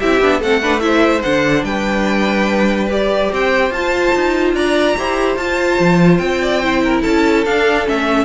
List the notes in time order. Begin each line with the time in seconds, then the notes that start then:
0.00 C4 E4 G4 E5
0.21 B3 D4
0.40 A3 C4 A4 F#5
0.62 D4 B4
0.80 E4 C5 E5
1.23 D3 D4 F#5
1.64 G3 B4 G5
2.90 G4 D5
3.32 C4 C5 G5
3.71 F4 A5
3.77 F4
4.15 D#4
4.54 D4 D5 A#5
4.98 E4 G4 C5
5.37 F4 A5
5.80 F3
6.19 C4 G5
6.42 D5
6.60 E4 C5
6.84 A#4
7.02 C#4 A4 A5
7.46 D4 F5
7.85 A3 C#4 E5